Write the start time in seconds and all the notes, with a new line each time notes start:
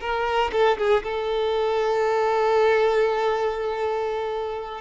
0.00 A#4
0.52 A4
0.78 G#4
1.03 A4